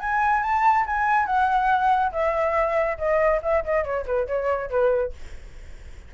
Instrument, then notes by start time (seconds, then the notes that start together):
flute
0.00 G#5
0.43 A5
0.87 G#5
1.26 F#5
2.12 E5
2.98 D#5
3.43 E5
3.65 D#5
3.84 C#5
4.06 B4
4.27 C#5
4.70 B4